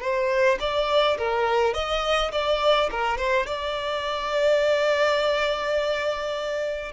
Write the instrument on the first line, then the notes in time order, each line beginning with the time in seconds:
violin
0.00 C5
0.59 D5
1.17 A#4
1.74 D#5
2.32 D5
2.91 A#4
3.17 C5
3.46 D5